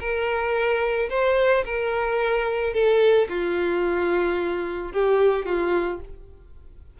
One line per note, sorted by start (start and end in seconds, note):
0.00 1.09 A#4
1.10 1.64 C5
1.65 2.73 A#4
2.73 3.28 A4
3.29 4.92 F4
4.92 5.45 G4
5.45 6.00 F4